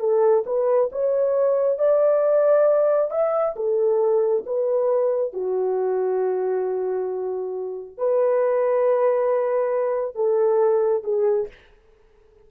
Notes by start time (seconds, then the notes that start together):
0.00 A4
0.46 B4
0.92 C#5
1.79 D5
3.11 E5
3.56 A4
4.46 B4
5.33 F#4
7.98 B4
10.16 A4
11.04 G#4